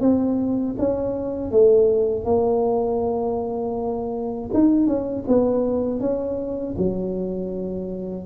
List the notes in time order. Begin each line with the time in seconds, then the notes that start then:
0.00 C4
0.78 C#4
1.51 A3
2.25 A#3
4.53 D#4
4.86 C#4
5.27 B3
6.00 C#4
6.77 F#3